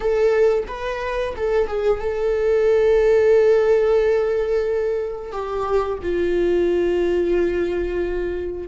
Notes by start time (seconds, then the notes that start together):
0.00 A4
0.67 B4
1.36 A4
1.67 G#4
2.00 A4
5.32 G4
6.02 F4